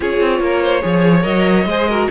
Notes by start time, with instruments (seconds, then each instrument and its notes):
0.00 cello C#4, viola F4, violin G#4 C#5
0.20 cello C4
0.40 cello A#3, violin A#4
0.62 violin C5
0.81 cello F3, viola G#4, violin C#5
1.22 cello F#3, viola A#4, violin D#5
1.65 cello G#3, viola G#4, violin C5
1.88 viola F#4, violin A#4